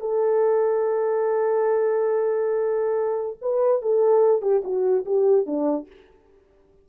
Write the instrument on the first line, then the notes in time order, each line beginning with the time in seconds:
horn
0.00 A4
3.41 B4
3.81 A4
4.42 G4
4.64 F#4
5.05 G4
5.46 D4